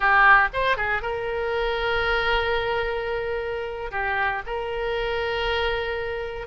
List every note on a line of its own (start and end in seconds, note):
0.00 0.48 G4
0.53 0.76 C5
0.76 1.02 G#4
1.02 3.91 A#4
3.91 4.42 G4
4.46 6.47 A#4